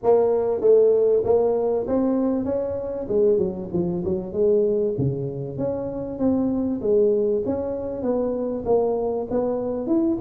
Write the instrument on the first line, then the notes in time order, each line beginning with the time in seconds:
tuba
0.03 A#3
0.60 A3
1.24 A#3
1.87 C4
2.45 C#4
3.08 G#3
3.37 F#3
3.72 F3
4.04 F#3
4.32 G#3
4.98 C#3
5.57 C#4
6.19 C4
6.81 G#3
7.45 C#4
8.02 B3
8.65 A#3
9.30 B3
9.87 E4